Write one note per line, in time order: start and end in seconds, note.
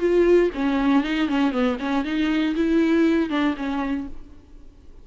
0.00 0.50 F4
0.55 1.04 C#4
1.04 1.29 D#4
1.29 1.52 C#4
1.52 1.77 B3
1.80 2.05 C#4
2.05 2.55 D#4
2.56 3.30 E4
3.30 3.55 D4
3.57 4.07 C#4